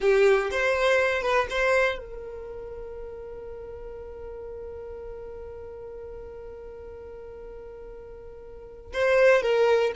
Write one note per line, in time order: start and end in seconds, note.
0.00 0.50 G4
0.50 1.22 C5
1.22 1.47 B4
1.50 1.98 C5
1.98 8.92 A#4
8.93 9.42 C5
9.42 9.92 A#4